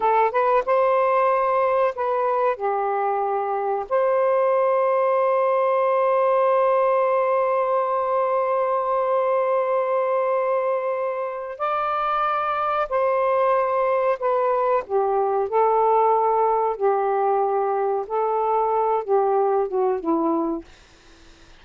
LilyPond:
\new Staff \with { instrumentName = "saxophone" } { \time 4/4 \tempo 4 = 93 a'8 b'8 c''2 b'4 | g'2 c''2~ | c''1~ | c''1~ |
c''2 d''2 | c''2 b'4 g'4 | a'2 g'2 | a'4. g'4 fis'8 e'4 | }